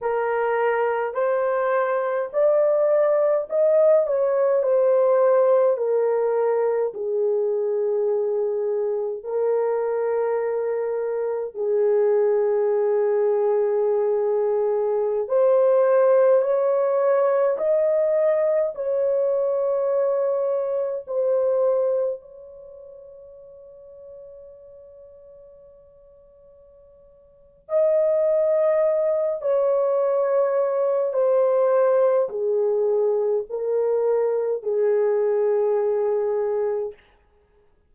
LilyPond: \new Staff \with { instrumentName = "horn" } { \time 4/4 \tempo 4 = 52 ais'4 c''4 d''4 dis''8 cis''8 | c''4 ais'4 gis'2 | ais'2 gis'2~ | gis'4~ gis'16 c''4 cis''4 dis''8.~ |
dis''16 cis''2 c''4 cis''8.~ | cis''1 | dis''4. cis''4. c''4 | gis'4 ais'4 gis'2 | }